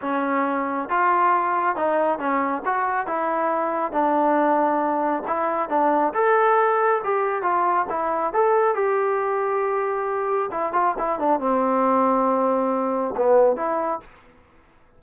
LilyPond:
\new Staff \with { instrumentName = "trombone" } { \time 4/4 \tempo 4 = 137 cis'2 f'2 | dis'4 cis'4 fis'4 e'4~ | e'4 d'2. | e'4 d'4 a'2 |
g'4 f'4 e'4 a'4 | g'1 | e'8 f'8 e'8 d'8 c'2~ | c'2 b4 e'4 | }